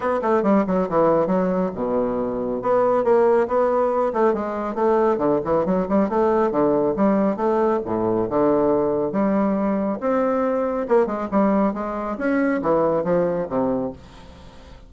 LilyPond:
\new Staff \with { instrumentName = "bassoon" } { \time 4/4 \tempo 4 = 138 b8 a8 g8 fis8 e4 fis4 | b,2 b4 ais4 | b4. a8 gis4 a4 | d8 e8 fis8 g8 a4 d4 |
g4 a4 a,4 d4~ | d4 g2 c'4~ | c'4 ais8 gis8 g4 gis4 | cis'4 e4 f4 c4 | }